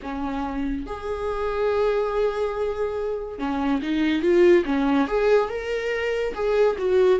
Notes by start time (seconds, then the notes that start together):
0.02 C#4
0.86 G#4
3.38 C#4
3.82 D#4
4.21 F4
4.65 C#4
5.07 G#4
5.49 A#4
6.34 G#4
6.78 F#4